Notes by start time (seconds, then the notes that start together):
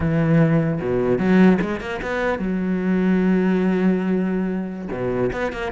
0.00 E3
0.81 B2
1.18 F#3
1.61 G#3
1.80 A#3
2.01 B3
2.38 F#3
4.91 B2
5.32 B3
5.52 A#3